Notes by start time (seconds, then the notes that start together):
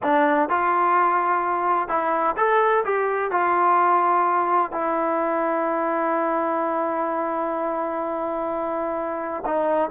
0.03 D4
0.49 F4
1.88 E4
2.36 A4
2.85 G4
3.31 F4
4.71 E4
9.45 D#4